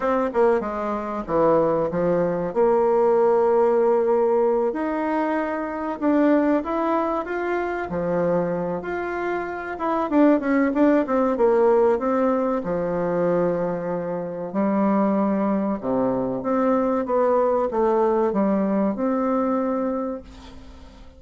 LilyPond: \new Staff \with { instrumentName = "bassoon" } { \time 4/4 \tempo 4 = 95 c'8 ais8 gis4 e4 f4 | ais2.~ ais8 dis'8~ | dis'4. d'4 e'4 f'8~ | f'8 f4. f'4. e'8 |
d'8 cis'8 d'8 c'8 ais4 c'4 | f2. g4~ | g4 c4 c'4 b4 | a4 g4 c'2 | }